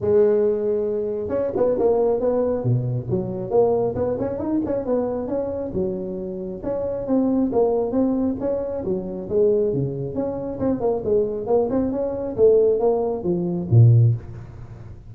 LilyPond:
\new Staff \with { instrumentName = "tuba" } { \time 4/4 \tempo 4 = 136 gis2. cis'8 b8 | ais4 b4 b,4 fis4 | ais4 b8 cis'8 dis'8 cis'8 b4 | cis'4 fis2 cis'4 |
c'4 ais4 c'4 cis'4 | fis4 gis4 cis4 cis'4 | c'8 ais8 gis4 ais8 c'8 cis'4 | a4 ais4 f4 ais,4 | }